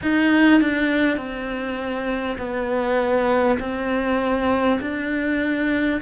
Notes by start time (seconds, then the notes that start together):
0.02 D#4
0.61 D4
1.17 C4
2.37 B3
3.59 C4
4.81 D4